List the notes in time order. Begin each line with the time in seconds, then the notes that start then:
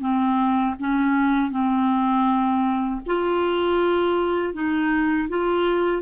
0.00 C4
0.79 C#4
1.50 C4
3.06 F4
4.53 D#4
5.29 F4